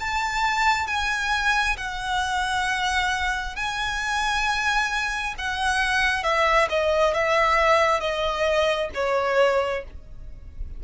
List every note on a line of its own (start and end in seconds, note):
0.00 0.87 A5
0.87 1.77 G#5
1.77 3.56 F#5
3.56 5.35 G#5
5.38 6.24 F#5
6.24 6.68 E5
6.70 7.14 D#5
7.14 8.00 E5
8.00 8.90 D#5
8.94 9.84 C#5